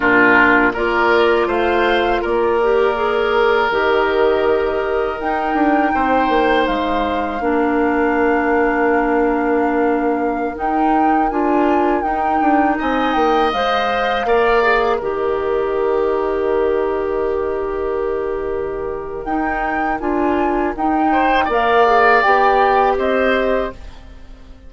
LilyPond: <<
  \new Staff \with { instrumentName = "flute" } { \time 4/4 \tempo 4 = 81 ais'4 d''4 f''4 d''4~ | d''4 dis''2 g''4~ | g''4 f''2.~ | f''2~ f''16 g''4 gis''8.~ |
gis''16 g''4 gis''8 g''8 f''4.~ f''16~ | f''16 dis''2.~ dis''8.~ | dis''2 g''4 gis''4 | g''4 f''4 g''4 dis''4 | }
  \new Staff \with { instrumentName = "oboe" } { \time 4/4 f'4 ais'4 c''4 ais'4~ | ais'1 | c''2 ais'2~ | ais'1~ |
ais'4~ ais'16 dis''2 d''8.~ | d''16 ais'2.~ ais'8.~ | ais'1~ | ais'8 c''8 d''2 c''4 | }
  \new Staff \with { instrumentName = "clarinet" } { \time 4/4 d'4 f'2~ f'8 g'8 | gis'4 g'2 dis'4~ | dis'2 d'2~ | d'2~ d'16 dis'4 f'8.~ |
f'16 dis'2 c''4 ais'8 gis'16~ | gis'16 g'2.~ g'8.~ | g'2 dis'4 f'4 | dis'4 ais'8 gis'8 g'2 | }
  \new Staff \with { instrumentName = "bassoon" } { \time 4/4 ais,4 ais4 a4 ais4~ | ais4 dis2 dis'8 d'8 | c'8 ais8 gis4 ais2~ | ais2~ ais16 dis'4 d'8.~ |
d'16 dis'8 d'8 c'8 ais8 gis4 ais8.~ | ais16 dis2.~ dis8.~ | dis2 dis'4 d'4 | dis'4 ais4 b4 c'4 | }
>>